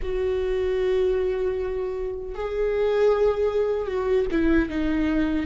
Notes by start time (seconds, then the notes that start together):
0.02 F#4
2.34 G#4
3.87 F#4
4.31 E4
4.69 D#4